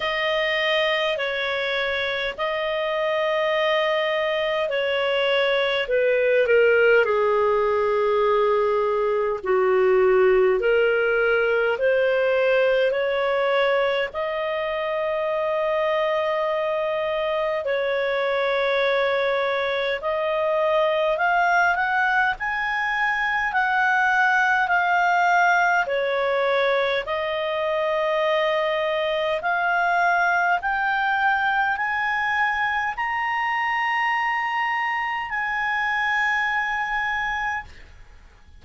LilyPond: \new Staff \with { instrumentName = "clarinet" } { \time 4/4 \tempo 4 = 51 dis''4 cis''4 dis''2 | cis''4 b'8 ais'8 gis'2 | fis'4 ais'4 c''4 cis''4 | dis''2. cis''4~ |
cis''4 dis''4 f''8 fis''8 gis''4 | fis''4 f''4 cis''4 dis''4~ | dis''4 f''4 g''4 gis''4 | ais''2 gis''2 | }